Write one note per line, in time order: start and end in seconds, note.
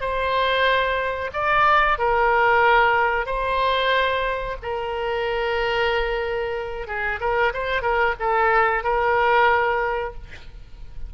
0.00 1.30 C5
1.33 1.98 D5
1.98 3.26 A#4
3.26 4.56 C5
4.62 6.87 A#4
6.87 7.19 G#4
7.20 7.52 A#4
7.53 7.81 C5
7.81 8.14 A#4
8.19 8.83 A4
8.83 10.14 A#4